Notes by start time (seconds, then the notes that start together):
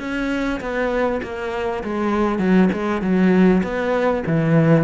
0.00 C#4
0.61 B3
1.23 A#3
1.84 G#3
2.39 F#3
2.73 G#3
3.02 F#3
3.64 B3
4.27 E3